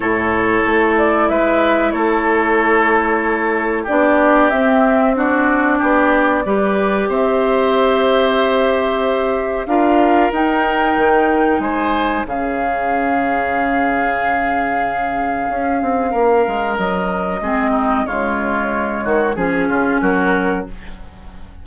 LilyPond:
<<
  \new Staff \with { instrumentName = "flute" } { \time 4/4 \tempo 4 = 93 cis''4. d''8 e''4 cis''4~ | cis''2 d''4 e''4 | d''2. e''4~ | e''2. f''4 |
g''2 gis''4 f''4~ | f''1~ | f''2 dis''2 | cis''2 gis'4 ais'4 | }
  \new Staff \with { instrumentName = "oboe" } { \time 4/4 a'2 b'4 a'4~ | a'2 g'2 | fis'4 g'4 b'4 c''4~ | c''2. ais'4~ |
ais'2 c''4 gis'4~ | gis'1~ | gis'4 ais'2 gis'8 dis'8 | f'4. fis'8 gis'8 f'8 fis'4 | }
  \new Staff \with { instrumentName = "clarinet" } { \time 4/4 e'1~ | e'2 d'4 c'4 | d'2 g'2~ | g'2. f'4 |
dis'2. cis'4~ | cis'1~ | cis'2. c'4 | gis2 cis'2 | }
  \new Staff \with { instrumentName = "bassoon" } { \time 4/4 a,4 a4 gis4 a4~ | a2 b4 c'4~ | c'4 b4 g4 c'4~ | c'2. d'4 |
dis'4 dis4 gis4 cis4~ | cis1 | cis'8 c'8 ais8 gis8 fis4 gis4 | cis4. dis8 f8 cis8 fis4 | }
>>